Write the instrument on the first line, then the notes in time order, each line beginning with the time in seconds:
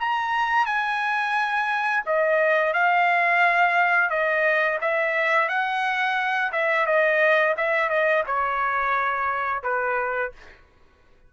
trumpet
0.00 A#5
0.66 G#5
2.06 D#5
2.74 F5
4.10 D#5
4.81 E5
5.49 F#5
6.52 E5
6.86 D#5
7.57 E5
7.90 D#5
8.27 C#5
9.64 B4